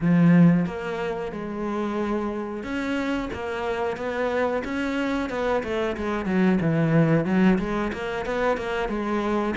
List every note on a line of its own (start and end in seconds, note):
0.00 0.66 F3
0.66 1.32 A#3
1.32 2.63 G#3
2.63 3.29 C#4
3.33 3.97 A#3
3.97 4.62 B3
4.64 5.29 C#4
5.29 5.62 B3
5.63 5.96 A3
5.96 6.25 G#3
6.25 6.58 F#3
6.60 7.25 E3
7.25 7.58 F#3
7.59 7.92 G#3
7.92 8.25 A#3
8.25 8.57 B3
8.57 8.88 A#3
8.88 9.54 G#3